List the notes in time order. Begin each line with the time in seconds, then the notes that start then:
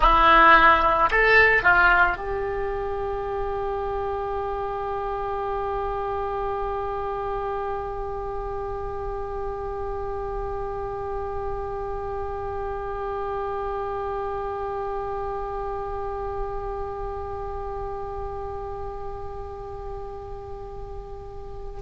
0.00 E4
1.10 A4
1.62 F4
2.16 G4